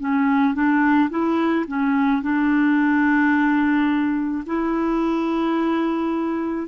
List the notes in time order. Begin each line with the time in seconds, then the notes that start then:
0.00 C#4
0.54 D4
1.10 E4
1.68 C#4
2.22 D4
4.46 E4